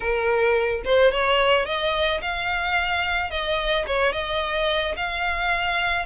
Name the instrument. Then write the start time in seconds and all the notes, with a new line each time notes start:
violin
0.00 A#4
0.84 C5
1.11 C#5
1.65 D#5
2.21 F5
3.30 D#5
3.87 C#5
4.12 D#5
4.96 F5